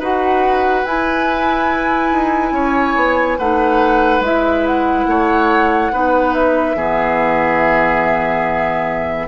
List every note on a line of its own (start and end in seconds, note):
0.00 0.85 D#4
0.00 0.86 F#4
0.00 2.54 B4
0.00 0.86 F#5
0.85 2.12 E4
0.85 3.40 E4
0.85 3.39 G#5
2.12 2.52 D#4
2.52 2.94 C#4
2.52 3.39 C#5
2.96 3.39 B3
3.39 4.21 A3
3.39 4.24 D#4
3.39 5.08 B4
3.39 4.23 F#5
4.21 5.05 G#3
4.21 5.93 E4
4.21 4.67 E5
4.67 6.34 F#5
5.07 5.92 A3
5.07 5.93 C#5
5.93 6.76 B3
5.93 6.77 D#4
5.93 6.77 B4
6.34 9.29 E5
6.76 9.29 E3
6.76 9.29 B3
6.76 9.29 G#4